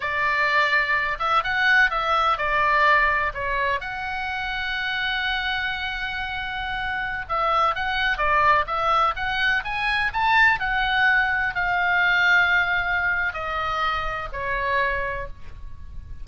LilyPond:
\new Staff \with { instrumentName = "oboe" } { \time 4/4 \tempo 4 = 126 d''2~ d''8 e''8 fis''4 | e''4 d''2 cis''4 | fis''1~ | fis''2.~ fis''16 e''8.~ |
e''16 fis''4 d''4 e''4 fis''8.~ | fis''16 gis''4 a''4 fis''4.~ fis''16~ | fis''16 f''2.~ f''8. | dis''2 cis''2 | }